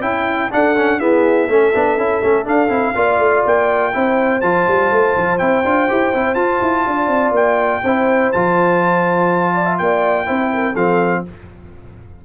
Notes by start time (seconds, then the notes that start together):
0.00 C#4 E4 G5
0.51 D4 A4 F#5
0.76 C#4
0.99 B3 E4 G#4 E5
1.47 A3 C#4 A4
1.74 B3 D4
1.97 C#4 E4
2.22 A3 C#4
2.44 D4 F5
2.68 C4 E4
2.95 A#3 F4 D5
3.18 A3
3.45 A#3 G5
3.93 C4 E4 C5
4.40 F3 F4 A5
4.67 G3
4.91 A3
5.16 F3
5.38 C4 E4 G5
5.65 D4 F4
5.88 E4 G4
6.13 C4 E4
6.34 F4 A5
6.61 E4
6.86 D4 D5
7.07 C4
7.31 A#3 G5
7.83 C4 E4 C5
8.32 F3 F4 A5
9.53 D5
9.65 E5
9.78 A#3 D5 G5
10.25 C4 E4 C5
10.53 A#4
10.72 F3 C4 A4 F5